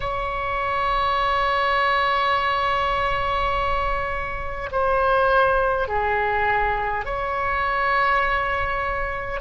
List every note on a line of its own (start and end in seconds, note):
0.00 4.70 C#5
4.71 5.88 C5
5.88 7.05 G#4
7.05 9.40 C#5